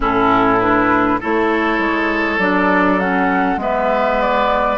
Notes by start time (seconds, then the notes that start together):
0.00 A2 C#4 E4 A4
0.60 D4 B4
1.20 A3 E4 A4 C#5
1.78 G#3
2.38 F#3 D4 D5
2.99 C#4 F#5
3.56 G#3 B3 B4 E5
4.21 D5